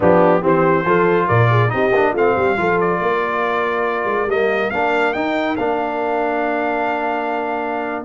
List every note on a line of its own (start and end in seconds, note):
0.00 0.42 F3
0.00 0.41 B3
0.00 0.41 D4
0.00 0.45 G4
0.41 0.85 E3
0.41 0.84 C4
0.41 0.84 G4
0.41 1.28 C5
0.85 1.28 F3
0.85 1.69 F4
0.85 1.27 A4
1.27 1.72 A#2
1.27 1.49 A#4
1.27 1.70 D5
1.49 1.71 G#4
1.69 1.92 C4
1.69 1.90 D#4
1.69 2.12 G4
1.69 2.13 D#5
1.92 2.13 A#3
1.92 2.16 D4
2.12 2.35 A3
2.12 2.56 C4
2.12 2.34 F4
2.12 2.80 F5
2.36 2.57 G3
2.36 2.57 G4
2.56 2.99 F3
2.56 4.28 F4
2.56 3.01 A4
2.80 4.30 D5
2.99 4.04 A#3
2.99 8.05 A#4
4.04 4.26 G#3
4.26 4.69 G3
4.26 4.72 A#3
4.26 4.70 D#5
4.70 5.14 A#3
4.70 5.14 D4
4.70 5.13 F5
5.13 5.57 D#4
5.13 5.56 G5
5.56 8.04 A#3
5.56 8.05 D4
5.56 8.03 F5